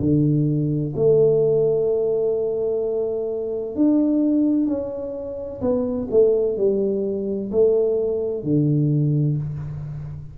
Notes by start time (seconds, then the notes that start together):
0.00 D3
0.96 A3
3.75 D4
4.67 C#4
5.61 B3
6.11 A3
6.57 G3
7.51 A3
8.43 D3